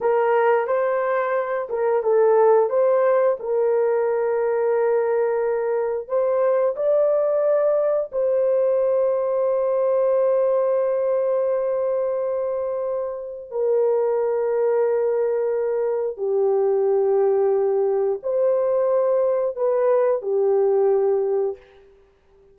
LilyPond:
\new Staff \with { instrumentName = "horn" } { \time 4/4 \tempo 4 = 89 ais'4 c''4. ais'8 a'4 | c''4 ais'2.~ | ais'4 c''4 d''2 | c''1~ |
c''1 | ais'1 | g'2. c''4~ | c''4 b'4 g'2 | }